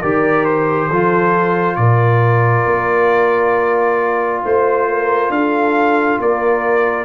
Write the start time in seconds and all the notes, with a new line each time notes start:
0.00 D#3 G4 A#4 D5
0.45 C5
0.87 F3 F4 A4
1.76 A#2 A#4 D5
2.66 A#3
4.43 A3 C5
4.88 A#4
5.29 D4 A4 F5
6.19 A#3 A#4 D5